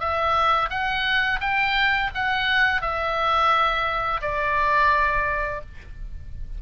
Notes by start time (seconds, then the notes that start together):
0.00 E5
0.70 F#5
1.41 G5
2.15 F#5
2.82 E5
4.22 D5